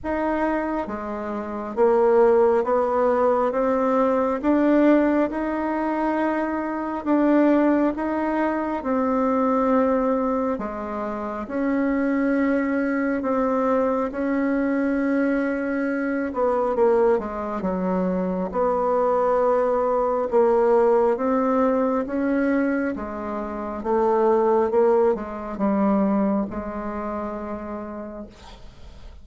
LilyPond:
\new Staff \with { instrumentName = "bassoon" } { \time 4/4 \tempo 4 = 68 dis'4 gis4 ais4 b4 | c'4 d'4 dis'2 | d'4 dis'4 c'2 | gis4 cis'2 c'4 |
cis'2~ cis'8 b8 ais8 gis8 | fis4 b2 ais4 | c'4 cis'4 gis4 a4 | ais8 gis8 g4 gis2 | }